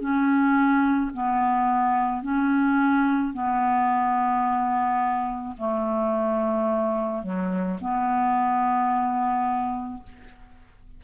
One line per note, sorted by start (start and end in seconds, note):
0.00 1.11 C#4
1.14 2.22 B3
2.22 3.33 C#4
3.34 5.56 B3
5.58 7.23 A3
7.23 7.79 F#3
7.81 10.03 B3